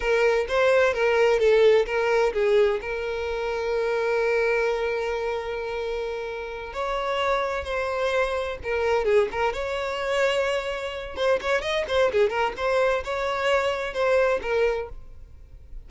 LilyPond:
\new Staff \with { instrumentName = "violin" } { \time 4/4 \tempo 4 = 129 ais'4 c''4 ais'4 a'4 | ais'4 gis'4 ais'2~ | ais'1~ | ais'2~ ais'8 cis''4.~ |
cis''8 c''2 ais'4 gis'8 | ais'8 cis''2.~ cis''8 | c''8 cis''8 dis''8 c''8 gis'8 ais'8 c''4 | cis''2 c''4 ais'4 | }